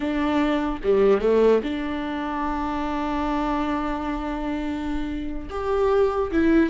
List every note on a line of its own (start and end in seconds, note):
0.00 0.80 D4
0.83 1.21 G3
1.21 1.61 A3
1.63 5.48 D4
5.50 6.31 G4
6.31 6.70 E4